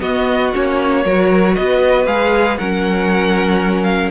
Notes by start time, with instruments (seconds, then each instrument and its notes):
0.00 viola B3, cello B3, violin F#4 D#5
0.54 cello A#3, viola C#4, violin C#5
1.06 cello F#3, viola F#4, violin A#4
1.56 cello B3, violin B4 D#5
2.07 cello G#3, viola G#4, violin F5
2.58 cello F#3, viola C#4, violin A#4 F#5
3.84 violin F5